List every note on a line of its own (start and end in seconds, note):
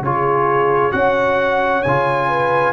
0.00 0.91 C#3
0.00 0.91 F4
0.00 0.94 G#4
0.00 0.91 C#5
0.91 1.84 C#4
0.91 1.82 F#4
0.91 2.29 C#5
0.91 1.82 F#5
1.82 2.73 C#3
1.82 2.73 F4
1.82 2.73 G#5
2.29 2.73 B4